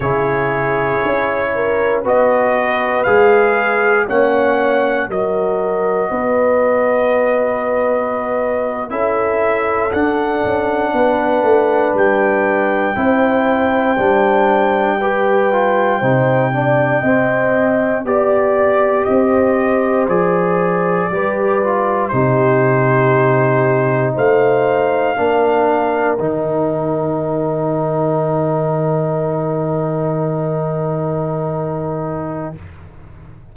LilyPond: <<
  \new Staff \with { instrumentName = "trumpet" } { \time 4/4 \tempo 4 = 59 cis''2 dis''4 f''4 | fis''4 dis''2.~ | dis''8. e''4 fis''2 g''16~ | g''1~ |
g''4.~ g''16 d''4 dis''4 d''16~ | d''4.~ d''16 c''2 f''16~ | f''4.~ f''16 g''2~ g''16~ | g''1 | }
  \new Staff \with { instrumentName = "horn" } { \time 4/4 gis'4. ais'8 b'2 | cis''4 ais'4 b'2~ | b'8. a'2 b'4~ b'16~ | b'8. c''2 b'4 c''16~ |
c''16 d''8 dis''4 d''4 c''4~ c''16~ | c''8. b'4 g'2 c''16~ | c''8. ais'2.~ ais'16~ | ais'1 | }
  \new Staff \with { instrumentName = "trombone" } { \time 4/4 e'2 fis'4 gis'4 | cis'4 fis'2.~ | fis'8. e'4 d'2~ d'16~ | d'8. e'4 d'4 g'8 f'8 dis'16~ |
dis'16 d'8 c'4 g'2 gis'16~ | gis'8. g'8 f'8 dis'2~ dis'16~ | dis'8. d'4 dis'2~ dis'16~ | dis'1 | }
  \new Staff \with { instrumentName = "tuba" } { \time 4/4 cis4 cis'4 b4 gis4 | ais4 fis4 b2~ | b8. cis'4 d'8 cis'8 b8 a8 g16~ | g8. c'4 g2 c16~ |
c8. c'4 b4 c'4 f16~ | f8. g4 c2 a16~ | a8. ais4 dis2~ dis16~ | dis1 | }
>>